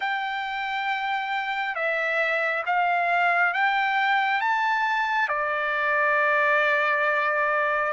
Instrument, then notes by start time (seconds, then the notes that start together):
trumpet
0.00 G5
1.75 E5
2.66 F5
3.53 G5
4.40 A5
5.28 D5